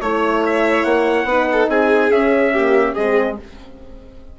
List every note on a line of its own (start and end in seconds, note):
0.00 0.84 A3
0.00 1.28 E4
0.00 0.42 C#5
0.00 1.27 C#5
0.45 0.83 E5
0.83 1.24 A#3
0.83 1.67 F#5
1.24 1.66 B3
1.24 2.11 D#4
1.24 1.48 B4
1.52 1.70 A4
1.68 2.10 C4
1.68 2.52 G#4
1.68 2.11 G#5
2.10 2.94 C#4
2.10 2.53 C#4
2.10 2.94 E5
2.52 2.96 A#3
2.52 2.94 G4
2.94 3.39 G#3
2.94 3.38 C4
2.94 3.36 G#4
2.94 3.36 D#5